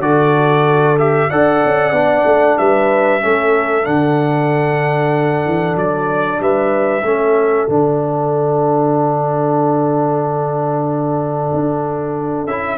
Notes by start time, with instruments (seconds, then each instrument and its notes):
0.00 tuba D3, trombone F#4, horn A4, trumpet D5
0.99 trombone G4, trumpet E5
1.30 tuba D4, trombone A4, horn D5, trumpet F#5
1.65 tuba C#4
1.92 tuba B3, trombone D4
2.25 tuba A3
2.58 tuba G3, horn B4, trumpet E5
3.21 tuba A3, trombone C#4, horn A4
3.83 tuba D3, trombone D4, trumpet F#5
5.46 tuba E3
5.76 tuba F#3, trumpet D5
6.40 tuba G3, horn B4, trumpet E5
7.03 tuba A3, trombone C#4, horn A4
7.68 tuba D3, trombone D4, trumpet F#5
11.53 tuba D4
12.47 tuba C#4, trombone E4, trumpet E5